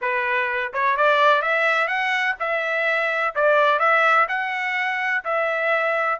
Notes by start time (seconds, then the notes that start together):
0.01 B4
0.73 C#5
0.96 D5
1.42 E5
1.87 F#5
2.39 E5
3.35 D5
3.79 E5
4.28 F#5
5.24 E5